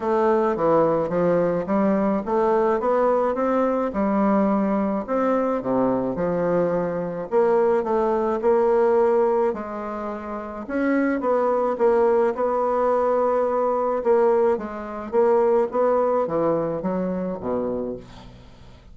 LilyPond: \new Staff \with { instrumentName = "bassoon" } { \time 4/4 \tempo 4 = 107 a4 e4 f4 g4 | a4 b4 c'4 g4~ | g4 c'4 c4 f4~ | f4 ais4 a4 ais4~ |
ais4 gis2 cis'4 | b4 ais4 b2~ | b4 ais4 gis4 ais4 | b4 e4 fis4 b,4 | }